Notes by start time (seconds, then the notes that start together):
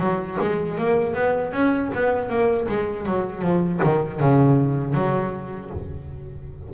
0.00 F#3
0.41 G#3
0.78 A#3
1.14 B3
1.52 C#4
1.94 B3
2.29 A#3
2.68 G#3
3.06 F#3
3.42 F3
3.83 D#3
4.20 C#3
4.94 F#3